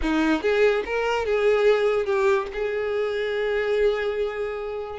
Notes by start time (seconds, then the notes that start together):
0.02 D#4
0.41 G#4
0.85 A#4
1.25 G#4
2.05 G4
2.53 G#4